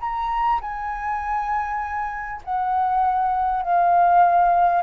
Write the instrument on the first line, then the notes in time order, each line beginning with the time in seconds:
flute
0.00 A#5
0.61 G#5
2.43 F#5
3.62 F5